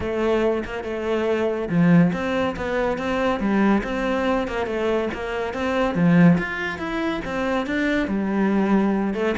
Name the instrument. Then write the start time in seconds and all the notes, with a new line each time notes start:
cello
0.00 A3
0.65 A#3
0.83 A3
1.69 F3
2.13 C4
2.56 B3
2.97 C4
3.39 G3
3.83 C4
4.47 A#3
4.66 A3
5.13 A#3
5.53 C4
5.95 F3
6.38 F4
6.78 E4
7.25 C4
7.66 D4
8.07 G3
9.14 A3